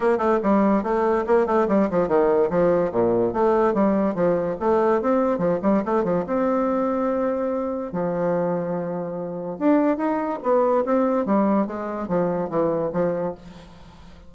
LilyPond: \new Staff \with { instrumentName = "bassoon" } { \time 4/4 \tempo 4 = 144 ais8 a8 g4 a4 ais8 a8 | g8 f8 dis4 f4 ais,4 | a4 g4 f4 a4 | c'4 f8 g8 a8 f8 c'4~ |
c'2. f4~ | f2. d'4 | dis'4 b4 c'4 g4 | gis4 f4 e4 f4 | }